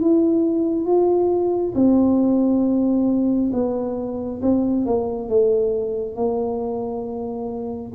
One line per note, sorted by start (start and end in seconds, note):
0.00 0.85 E4
0.85 1.74 F4
1.74 3.51 C4
3.53 4.41 B3
4.42 4.85 C4
4.85 5.29 A#3
5.29 6.15 A3
6.15 7.92 A#3